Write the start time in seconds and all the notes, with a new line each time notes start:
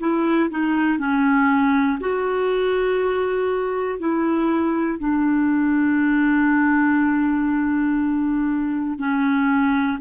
0.00 E4
0.50 D#4
0.99 C#4
2.00 F#4
4.00 E4
5.00 D4
8.99 C#4